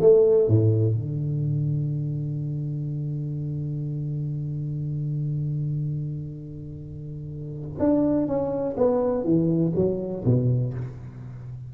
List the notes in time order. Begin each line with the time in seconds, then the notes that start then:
0.00 A3
0.47 A2
0.94 D3
7.79 D4
8.27 C#4
8.77 B3
9.23 E3
9.75 F#3
10.24 B2